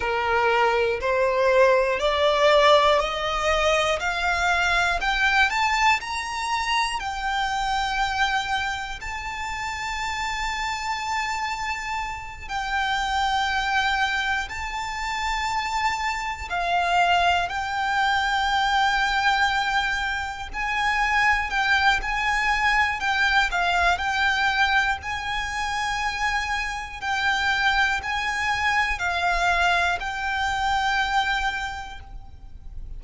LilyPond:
\new Staff \with { instrumentName = "violin" } { \time 4/4 \tempo 4 = 60 ais'4 c''4 d''4 dis''4 | f''4 g''8 a''8 ais''4 g''4~ | g''4 a''2.~ | a''8 g''2 a''4.~ |
a''8 f''4 g''2~ g''8~ | g''8 gis''4 g''8 gis''4 g''8 f''8 | g''4 gis''2 g''4 | gis''4 f''4 g''2 | }